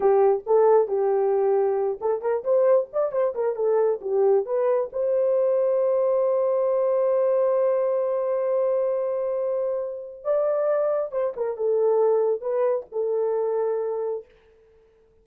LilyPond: \new Staff \with { instrumentName = "horn" } { \time 4/4 \tempo 4 = 135 g'4 a'4 g'2~ | g'8 a'8 ais'8 c''4 d''8 c''8 ais'8 | a'4 g'4 b'4 c''4~ | c''1~ |
c''1~ | c''2. d''4~ | d''4 c''8 ais'8 a'2 | b'4 a'2. | }